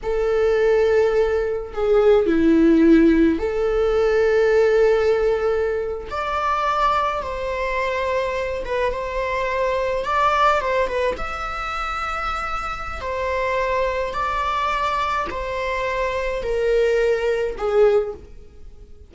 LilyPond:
\new Staff \with { instrumentName = "viola" } { \time 4/4 \tempo 4 = 106 a'2. gis'4 | e'2 a'2~ | a'2~ a'8. d''4~ d''16~ | d''8. c''2~ c''8 b'8 c''16~ |
c''4.~ c''16 d''4 c''8 b'8 e''16~ | e''2. c''4~ | c''4 d''2 c''4~ | c''4 ais'2 gis'4 | }